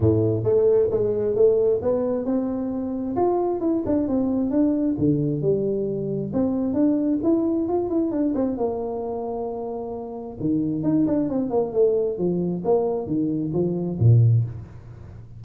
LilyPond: \new Staff \with { instrumentName = "tuba" } { \time 4/4 \tempo 4 = 133 a,4 a4 gis4 a4 | b4 c'2 f'4 | e'8 d'8 c'4 d'4 d4 | g2 c'4 d'4 |
e'4 f'8 e'8 d'8 c'8 ais4~ | ais2. dis4 | dis'8 d'8 c'8 ais8 a4 f4 | ais4 dis4 f4 ais,4 | }